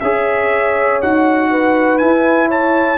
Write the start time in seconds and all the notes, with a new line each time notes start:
0.00 C#4 G#4 C#5 E5
1.02 D#4 F#4 F#5
1.50 B4
1.98 E4 G#5
2.48 C#5 A5